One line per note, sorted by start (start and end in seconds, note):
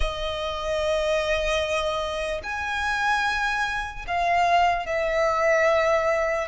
0.00 2.41 D#5
2.43 4.05 G#5
4.07 4.86 F5
4.86 6.48 E5